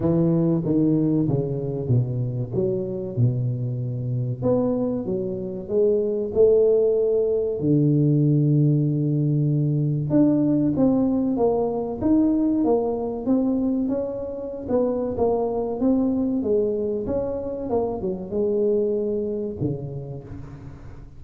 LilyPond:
\new Staff \with { instrumentName = "tuba" } { \time 4/4 \tempo 4 = 95 e4 dis4 cis4 b,4 | fis4 b,2 b4 | fis4 gis4 a2 | d1 |
d'4 c'4 ais4 dis'4 | ais4 c'4 cis'4~ cis'16 b8. | ais4 c'4 gis4 cis'4 | ais8 fis8 gis2 cis4 | }